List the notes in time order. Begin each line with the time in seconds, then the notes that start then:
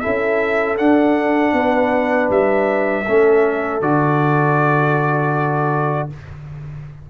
0.00 C#4 E4 A4 E5
0.77 D4 F#5
1.53 B3 B4
2.29 G3 E5
3.06 A3 C#4 A4
3.81 D3 F#4 D5